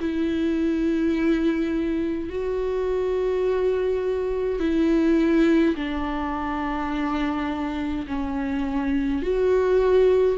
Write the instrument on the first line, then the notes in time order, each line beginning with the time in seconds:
viola
0.00 E4
2.30 F#4
4.60 E4
5.76 D4
8.07 C#4
9.23 F#4